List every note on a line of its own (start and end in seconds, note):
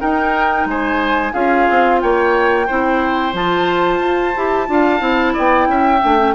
0.00 1.33 D#4
0.00 0.66 D#4
0.00 0.67 A#4
0.00 0.67 G5
0.66 1.32 G#3
0.66 1.33 C5
0.66 1.34 G#5
1.33 1.67 C#4
1.33 2.67 F4
1.33 2.00 G#4
1.33 2.01 F5
1.70 2.03 C4
2.01 2.70 A#3
2.01 2.67 C#5
2.01 3.34 G5
2.67 3.33 C4
2.67 3.33 E4
2.67 4.67 C5
3.33 4.00 F3
3.33 4.33 F4
3.33 5.35 A5
4.00 4.33 F4
4.36 4.69 E4
4.36 4.67 G4
4.67 5.00 D4
4.67 5.00 F4
4.67 5.34 F5
5.00 5.34 C4
5.00 6.00 E4
5.34 5.67 B3
5.34 5.67 D5
5.34 6.35 G5
5.67 6.01 C#4
5.67 6.35 E5
6.01 6.35 A3
6.01 6.18 D4
6.18 6.34 C#4